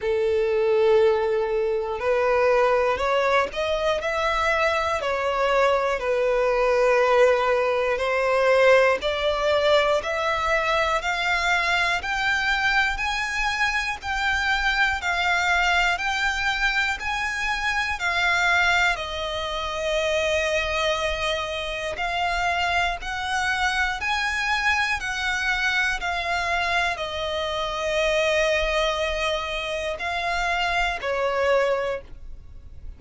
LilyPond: \new Staff \with { instrumentName = "violin" } { \time 4/4 \tempo 4 = 60 a'2 b'4 cis''8 dis''8 | e''4 cis''4 b'2 | c''4 d''4 e''4 f''4 | g''4 gis''4 g''4 f''4 |
g''4 gis''4 f''4 dis''4~ | dis''2 f''4 fis''4 | gis''4 fis''4 f''4 dis''4~ | dis''2 f''4 cis''4 | }